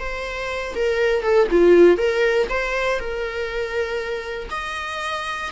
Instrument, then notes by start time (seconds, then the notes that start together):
viola
0.00 C5
0.76 A#4
1.23 A4
1.51 F4
1.98 A#4
2.50 C5
3.00 A#4
4.51 D#5